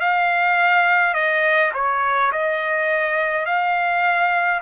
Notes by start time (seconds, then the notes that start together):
0.00 F5
1.14 D#5
1.74 C#5
2.32 D#5
3.45 F5